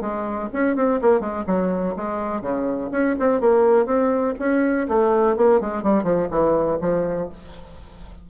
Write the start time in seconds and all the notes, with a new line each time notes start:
0.00 G#3
0.52 C#4
0.75 C4
1.01 A#3
1.20 G#3
1.46 F#3
1.96 G#3
2.41 C#3
2.91 C#4
3.19 C4
3.40 A#3
3.86 C4
4.39 C#4
4.88 A3
5.36 A#3
5.60 G#3
5.82 G3
6.03 F3
6.30 E3
6.80 F3